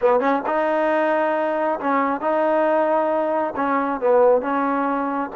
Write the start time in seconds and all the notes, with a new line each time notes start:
0.01 B3
0.20 C#4
0.46 D#4
1.80 C#4
2.20 D#4
3.56 C#4
4.00 B3
4.41 C#4